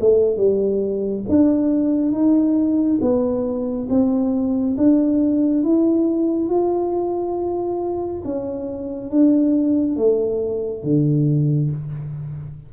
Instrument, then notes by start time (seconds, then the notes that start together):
tuba
0.00 A3
0.37 G3
1.29 D4
2.12 D#4
3.01 B3
3.90 C4
4.77 D4
5.64 E4
6.49 F4
8.25 C#4
9.11 D4
9.97 A3
10.83 D3